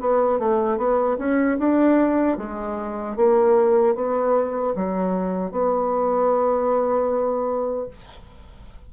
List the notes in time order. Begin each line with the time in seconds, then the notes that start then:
0.00 B3
0.39 A3
0.77 B3
1.18 C#4
1.58 D4
2.37 G#3
3.16 A#3
3.95 B3
4.75 F#3
5.51 B3